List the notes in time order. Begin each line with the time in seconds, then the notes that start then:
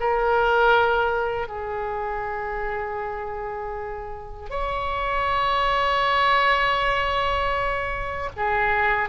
0.00 A#4
1.48 G#4
4.50 C#5
8.36 G#4